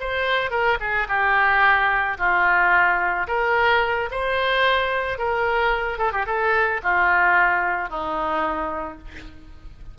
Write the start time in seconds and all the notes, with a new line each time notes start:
0.00 C5
0.50 A#4
0.80 G#4
1.08 G4
2.17 F4
3.27 A#4
4.11 C5
5.18 A#4
5.98 A4
6.12 G4
6.26 A4
6.83 F4
7.89 D#4